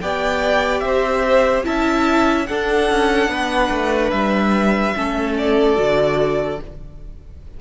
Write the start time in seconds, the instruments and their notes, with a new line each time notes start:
0.00 cello B3, viola G4, violin D5 G5
0.80 cello C4, violin C5 E5
1.64 cello C#4, viola E4, violin E5 A5
2.46 viola D4, cello D4, violin A4 F#5
2.91 cello C#4
3.28 cello B3, violin B4
3.71 cello A3
4.11 cello G3, violin E5
4.95 cello A3, viola C#4, violin A4
5.37 violin D5
5.76 cello D3, viola F#4